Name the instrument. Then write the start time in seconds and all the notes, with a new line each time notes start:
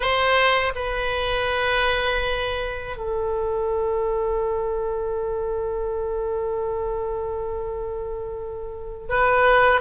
oboe
0.00 C5
0.75 B4
2.96 A4
9.09 B4